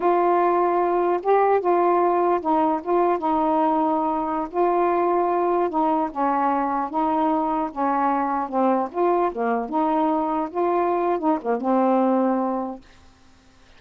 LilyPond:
\new Staff \with { instrumentName = "saxophone" } { \time 4/4 \tempo 4 = 150 f'2. g'4 | f'2 dis'4 f'4 | dis'2.~ dis'16 f'8.~ | f'2~ f'16 dis'4 cis'8.~ |
cis'4~ cis'16 dis'2 cis'8.~ | cis'4~ cis'16 c'4 f'4 ais8.~ | ais16 dis'2 f'4.~ f'16 | dis'8 ais8 c'2. | }